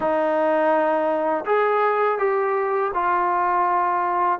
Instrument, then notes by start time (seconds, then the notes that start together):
trombone
0.00 D#4
1.45 G#4
2.18 G4
2.93 F4